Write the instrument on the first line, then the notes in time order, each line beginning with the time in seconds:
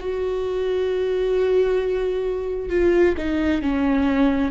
viola
0.00 F#4
2.70 F4
3.18 D#4
3.62 C#4